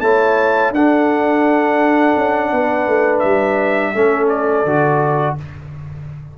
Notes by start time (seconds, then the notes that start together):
0.00 A3 E4 C#5 A5
0.70 D4 A4 F#5
2.16 C#4
2.51 B3 B4
2.87 A3
3.19 G3 E5
3.93 A3 C#4 A4
4.28 D5
4.64 D3 F#4